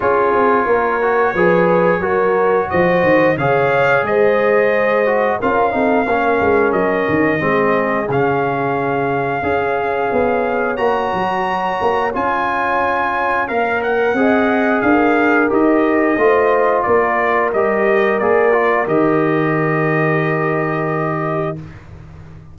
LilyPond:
<<
  \new Staff \with { instrumentName = "trumpet" } { \time 4/4 \tempo 4 = 89 cis''1 | dis''4 f''4 dis''2 | f''2 dis''2 | f''1 |
ais''2 gis''2 | f''8 fis''4. f''4 dis''4~ | dis''4 d''4 dis''4 d''4 | dis''1 | }
  \new Staff \with { instrumentName = "horn" } { \time 4/4 gis'4 ais'4 b'4 ais'4 | c''4 cis''4 c''2 | ais'8 a'8 ais'2 gis'4~ | gis'2 cis''2~ |
cis''1~ | cis''4 dis''4 ais'2 | c''4 ais'2.~ | ais'1 | }
  \new Staff \with { instrumentName = "trombone" } { \time 4/4 f'4. fis'8 gis'4 fis'4~ | fis'4 gis'2~ gis'8 fis'8 | f'8 dis'8 cis'2 c'4 | cis'2 gis'2 |
fis'2 f'2 | ais'4 gis'2 g'4 | f'2 g'4 gis'8 f'8 | g'1 | }
  \new Staff \with { instrumentName = "tuba" } { \time 4/4 cis'8 c'8 ais4 f4 fis4 | f8 dis8 cis4 gis2 | cis'8 c'8 ais8 gis8 fis8 dis8 gis4 | cis2 cis'4 b4 |
ais8 fis4 ais8 cis'2 | ais4 c'4 d'4 dis'4 | a4 ais4 g4 ais4 | dis1 | }
>>